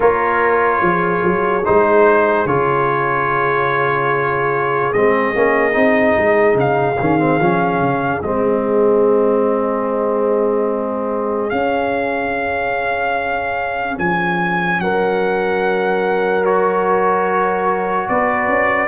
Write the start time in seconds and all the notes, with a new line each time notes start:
0.00 A#3 F4 A#4 C#5
0.81 F3 G#4
1.24 F#3
1.65 G#3 D#4 C5
2.45 C#3 F4 C#5
4.92 G#3 C4 D#5
5.34 A#3 C#4
5.72 C4 D#4
6.17 G#3
6.54 C#3 F5
6.99 D#3 C#4
7.18 C4
7.39 F3 C#4
7.80 C#3
8.21 G#3 C4 D#5
11.49 C#4 F5
13.98 F3 G#5
14.79 F#3 A#4 F#5
16.44 F#4 C#5
18.09 B3 B4 D5
18.48 C#4